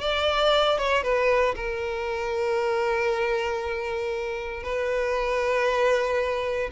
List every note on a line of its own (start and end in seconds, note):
0.00 0.78 D5
0.78 1.03 C#5
1.03 1.54 B4
1.55 4.63 A#4
4.63 6.70 B4